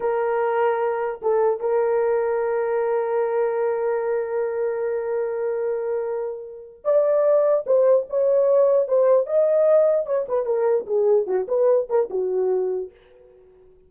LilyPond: \new Staff \with { instrumentName = "horn" } { \time 4/4 \tempo 4 = 149 ais'2. a'4 | ais'1~ | ais'1~ | ais'1~ |
ais'4 d''2 c''4 | cis''2 c''4 dis''4~ | dis''4 cis''8 b'8 ais'4 gis'4 | fis'8 b'4 ais'8 fis'2 | }